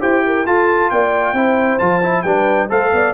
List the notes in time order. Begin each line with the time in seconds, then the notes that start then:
0.00 E4 G4 C5 G5
0.26 A#4
0.46 F4 A4 A5
0.90 A#3 D5 G5
1.33 C4 E4 C5
1.79 F3 F4 A5
2.03 E4
2.22 G3 D4 B4 G5
2.69 A3 A4 C5 F5
2.93 B3 D5